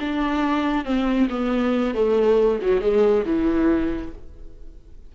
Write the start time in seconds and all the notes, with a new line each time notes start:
0.00 D4
0.85 C4
1.30 B3
1.94 A3
2.62 F#3
2.81 G#3
3.26 E3